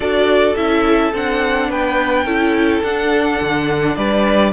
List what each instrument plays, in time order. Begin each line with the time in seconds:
0.00 cello D4, viola F#4, violin A4 D5
0.56 cello C#4, viola E4, violin E5
1.13 cello C4, viola D4, violin F#5
1.69 cello B3, violin B4 G5
2.24 cello C#4, viola E4, violin A4
2.83 cello D4, viola D4, violin F#5
3.40 cello D3
3.95 cello G3, violin B4 D5